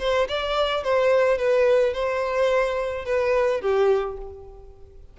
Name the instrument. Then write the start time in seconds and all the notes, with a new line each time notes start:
violin
0.00 C5
0.29 D5
0.84 C5
1.39 B4
1.94 C5
3.06 B4
3.62 G4